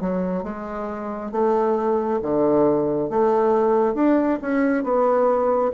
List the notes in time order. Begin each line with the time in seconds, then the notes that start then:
0.00 F#3
0.43 G#3
1.31 A3
2.21 D3
3.09 A3
3.94 D4
4.41 C#4
4.83 B3